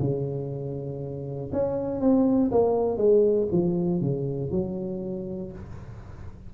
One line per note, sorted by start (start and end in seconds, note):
0.00 1.51 C#3
1.53 2.01 C#4
2.01 2.51 C4
2.51 2.98 A#3
2.98 3.48 G#3
3.52 4.01 F3
4.01 4.51 C#3
4.51 5.52 F#3